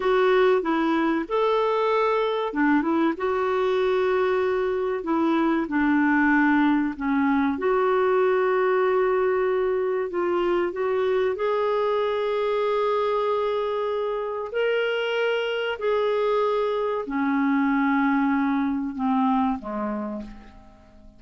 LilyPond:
\new Staff \with { instrumentName = "clarinet" } { \time 4/4 \tempo 4 = 95 fis'4 e'4 a'2 | d'8 e'8 fis'2. | e'4 d'2 cis'4 | fis'1 |
f'4 fis'4 gis'2~ | gis'2. ais'4~ | ais'4 gis'2 cis'4~ | cis'2 c'4 gis4 | }